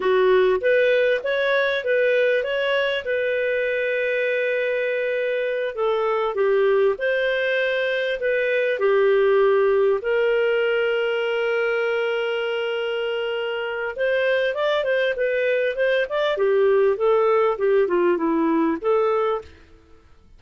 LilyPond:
\new Staff \with { instrumentName = "clarinet" } { \time 4/4 \tempo 4 = 99 fis'4 b'4 cis''4 b'4 | cis''4 b'2.~ | b'4. a'4 g'4 c''8~ | c''4. b'4 g'4.~ |
g'8 ais'2.~ ais'8~ | ais'2. c''4 | d''8 c''8 b'4 c''8 d''8 g'4 | a'4 g'8 f'8 e'4 a'4 | }